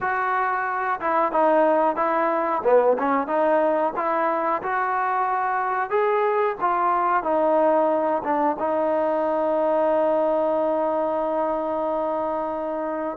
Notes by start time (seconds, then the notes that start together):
0.01 F#4
1.00 E4
1.32 D#4
1.96 E4
2.64 B3
2.98 C#4
3.27 D#4
3.96 E4
4.62 F#4
5.90 G#4
6.60 F4
7.23 D#4
8.23 D4
8.58 D#4